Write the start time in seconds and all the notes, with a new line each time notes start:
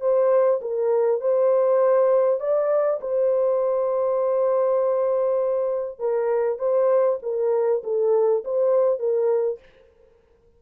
0.00 C5
0.61 A#4
1.20 C5
2.40 D5
3.00 C5
5.99 A#4
6.58 C5
7.22 A#4
7.83 A4
8.44 C5
8.99 A#4